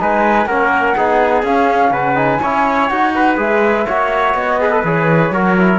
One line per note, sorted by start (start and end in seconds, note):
0.00 0.46 G#3
0.00 0.48 D#4
0.00 0.48 B4
0.00 0.46 G#5
0.46 0.94 A#3
0.46 0.97 C#4
0.46 0.96 A#4
0.46 1.43 F#5
0.97 1.43 B3
0.97 1.45 D#4
0.97 1.92 G#4
1.43 1.91 C#4
1.43 2.15 C#4
1.43 1.93 F5
1.91 2.39 C#3
1.91 2.40 B4
1.91 2.17 F#5
2.15 2.40 D#4
2.15 2.89 G#5
2.41 2.90 C#4
2.41 2.92 E4
2.41 3.14 C#5
2.89 3.37 D#4
2.89 3.37 F#4
2.89 3.37 F#5
3.15 3.87 B4
3.37 3.86 G#3
3.37 3.86 G#4
3.37 4.36 E5
3.87 4.35 A#3
3.87 4.60 F#4
3.87 4.59 C#5
4.35 4.83 B3
4.35 4.84 D#5
4.60 4.71 G#4
4.60 5.34 B4
4.71 4.83 A4
4.84 5.31 E3
4.84 5.33 G#4
4.84 5.79 C#5
5.31 5.79 F#3
5.31 5.57 F#4
5.31 5.79 A#4
5.58 5.79 E4